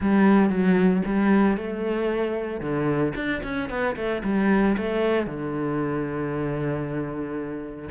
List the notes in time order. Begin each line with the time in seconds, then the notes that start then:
0.00 G3
0.49 F#3
1.05 G3
1.57 A3
2.60 D3
3.15 D4
3.43 C#4
3.69 B3
3.95 A3
4.23 G3
4.77 A3
5.26 D3